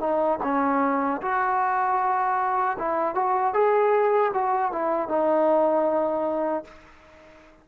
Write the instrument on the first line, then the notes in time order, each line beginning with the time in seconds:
trombone
0.00 D#4
0.43 C#4
1.21 F#4
2.78 E4
3.15 F#4
3.54 G#4
4.34 F#4
4.72 E4
5.08 D#4